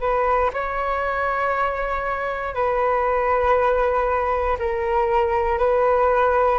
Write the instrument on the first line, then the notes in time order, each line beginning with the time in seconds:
flute
0.00 B4
0.53 C#5
2.54 B4
4.59 A#4
5.58 B4